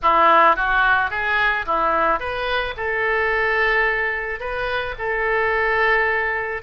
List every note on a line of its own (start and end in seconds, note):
0.02 0.56 E4
0.56 1.10 F#4
1.10 1.65 G#4
1.66 2.19 E4
2.19 2.74 B4
2.76 4.39 A4
4.39 4.94 B4
4.98 6.62 A4